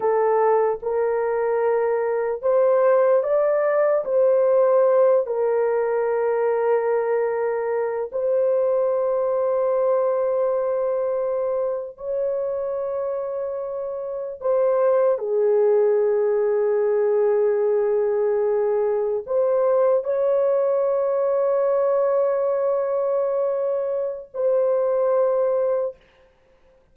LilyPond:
\new Staff \with { instrumentName = "horn" } { \time 4/4 \tempo 4 = 74 a'4 ais'2 c''4 | d''4 c''4. ais'4.~ | ais'2 c''2~ | c''2~ c''8. cis''4~ cis''16~ |
cis''4.~ cis''16 c''4 gis'4~ gis'16~ | gis'2.~ gis'8. c''16~ | c''8. cis''2.~ cis''16~ | cis''2 c''2 | }